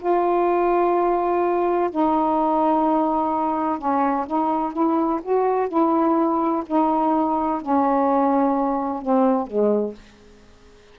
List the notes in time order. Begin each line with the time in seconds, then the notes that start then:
0.00 F4
1.91 D#4
3.79 C#4
4.27 D#4
4.73 E4
5.23 F#4
5.69 E4
6.67 D#4
7.62 C#4
9.02 C4
9.47 G#3